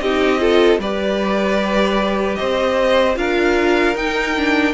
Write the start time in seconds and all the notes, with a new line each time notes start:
0.00 C4 D#4 G4 D#5
0.39 F4 A4
0.79 G3 G4 B4 D5
2.36 C4 C5 D#5
3.16 D4 F4 A#4 F5
3.95 D#4 G5
4.36 D4